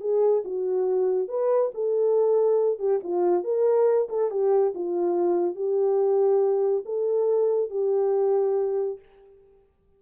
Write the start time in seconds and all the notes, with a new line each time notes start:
0.00 G#4
0.45 F#4
1.28 B4
1.74 A4
2.79 G4
3.03 F4
3.44 A#4
4.09 A4
4.31 G4
4.75 F4
5.55 G4
6.85 A4
7.70 G4